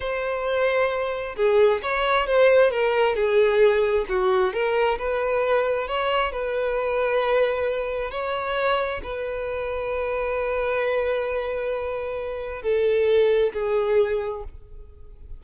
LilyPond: \new Staff \with { instrumentName = "violin" } { \time 4/4 \tempo 4 = 133 c''2. gis'4 | cis''4 c''4 ais'4 gis'4~ | gis'4 fis'4 ais'4 b'4~ | b'4 cis''4 b'2~ |
b'2 cis''2 | b'1~ | b'1 | a'2 gis'2 | }